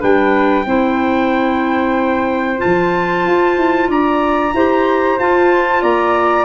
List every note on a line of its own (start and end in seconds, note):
0.00 0.66 G3
0.00 0.65 D4
0.00 0.65 B4
0.00 2.61 G5
0.66 2.59 C4
0.66 2.57 E4
0.66 3.89 C5
2.57 4.51 F4
2.57 3.90 A5
2.65 3.26 F3
3.26 3.57 F4
3.57 3.88 E4
3.88 4.53 D4
3.88 4.54 D5
3.88 5.19 A#5
4.53 5.18 E4
4.53 5.19 G4
4.53 5.82 C5
5.19 5.83 F4
5.19 6.45 F4
5.19 5.82 A5
5.82 6.45 A#3
5.82 6.45 D5
5.82 6.45 A#5